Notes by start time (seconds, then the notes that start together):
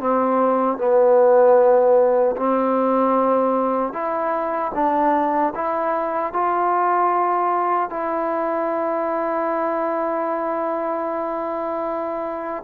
0.00 C4
0.78 B3
2.37 C4
3.93 E4
4.74 D4
5.55 E4
6.33 F4
7.90 E4